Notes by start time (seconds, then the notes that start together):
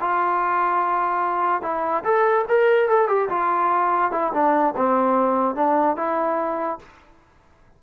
0.00 F4
1.62 E4
2.04 A4
2.48 A#4
2.89 A4
3.08 G4
3.29 F4
4.12 E4
4.33 D4
4.76 C4
5.55 D4
5.96 E4